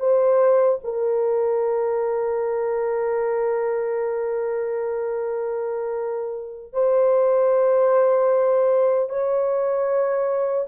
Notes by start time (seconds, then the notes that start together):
0.00 C5
0.84 A#4
6.73 C5
9.09 C#5